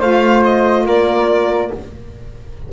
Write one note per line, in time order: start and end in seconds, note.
0.00 0.86 A3
0.00 1.72 F4
0.00 0.85 C5
0.00 0.44 F5
0.44 0.86 D#5
0.86 1.71 A#3
0.86 1.71 A#4
0.86 1.73 D5